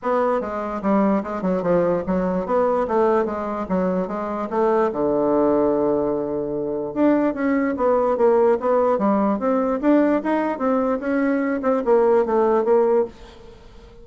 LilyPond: \new Staff \with { instrumentName = "bassoon" } { \time 4/4 \tempo 4 = 147 b4 gis4 g4 gis8 fis8 | f4 fis4 b4 a4 | gis4 fis4 gis4 a4 | d1~ |
d4 d'4 cis'4 b4 | ais4 b4 g4 c'4 | d'4 dis'4 c'4 cis'4~ | cis'8 c'8 ais4 a4 ais4 | }